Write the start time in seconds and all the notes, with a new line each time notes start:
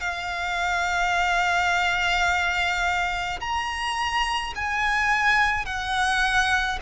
0.00 F5
3.40 A#5
4.55 G#5
5.65 F#5